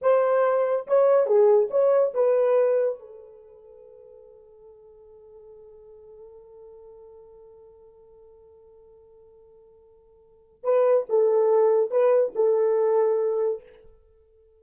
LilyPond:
\new Staff \with { instrumentName = "horn" } { \time 4/4 \tempo 4 = 141 c''2 cis''4 gis'4 | cis''4 b'2 a'4~ | a'1~ | a'1~ |
a'1~ | a'1~ | a'4 b'4 a'2 | b'4 a'2. | }